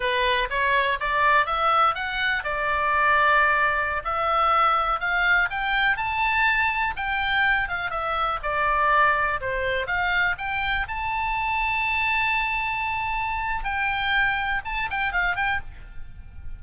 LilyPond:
\new Staff \with { instrumentName = "oboe" } { \time 4/4 \tempo 4 = 123 b'4 cis''4 d''4 e''4 | fis''4 d''2.~ | d''16 e''2 f''4 g''8.~ | g''16 a''2 g''4. f''16~ |
f''16 e''4 d''2 c''8.~ | c''16 f''4 g''4 a''4.~ a''16~ | a''1 | g''2 a''8 g''8 f''8 g''8 | }